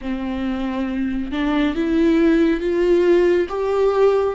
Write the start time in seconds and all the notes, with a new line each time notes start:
0.01 C4
1.31 D4
1.75 E4
2.60 F4
3.49 G4